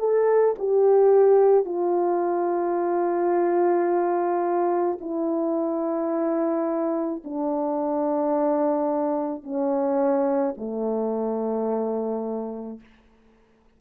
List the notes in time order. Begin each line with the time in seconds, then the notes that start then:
0.00 A4
0.59 G4
1.65 F4
5.01 E4
7.24 D4
9.43 C#4
10.58 A3